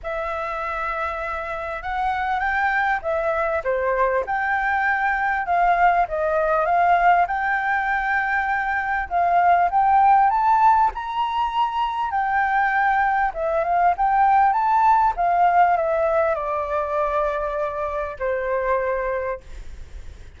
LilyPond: \new Staff \with { instrumentName = "flute" } { \time 4/4 \tempo 4 = 99 e''2. fis''4 | g''4 e''4 c''4 g''4~ | g''4 f''4 dis''4 f''4 | g''2. f''4 |
g''4 a''4 ais''2 | g''2 e''8 f''8 g''4 | a''4 f''4 e''4 d''4~ | d''2 c''2 | }